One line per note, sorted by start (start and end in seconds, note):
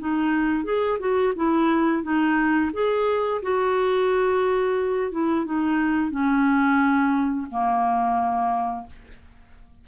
0.00 0.65 D#4
0.65 0.99 G#4
1.00 1.34 F#4
1.36 2.04 E4
2.04 2.72 D#4
2.74 3.42 G#4
3.43 5.12 F#4
5.12 5.46 E4
5.46 6.11 D#4
6.11 7.48 C#4
7.51 8.87 A#3